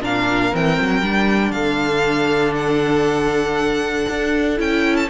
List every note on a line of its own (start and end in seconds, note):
0.00 0.51 A#2
0.00 0.52 D4
0.00 1.53 A#4
0.00 0.55 F5
0.52 0.79 E3
0.52 1.02 C4
0.52 1.51 G5
0.81 1.02 F#3
1.02 1.51 G3
1.02 4.57 D4
1.51 4.05 D3
1.51 5.09 A4
1.51 2.53 F5
2.55 4.58 F#5
4.09 4.59 D4
4.57 5.09 C#4
4.57 5.08 E4
4.57 4.96 G5
4.96 5.09 A5